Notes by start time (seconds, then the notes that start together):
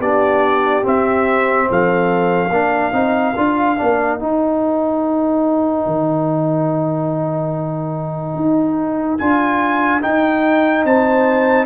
0.00 B3 D4 G4 D5
0.83 C4 E5
1.69 F3 A4 F5
2.50 A#3 D4 A#4
2.92 C4 D#4
3.37 D4 F4
3.78 A#3 D4
4.19 D#4 G5
5.86 D#3
8.35 D#4
9.18 D4 F4 G#5
10.01 D#4 G5
10.85 C4 C5 A5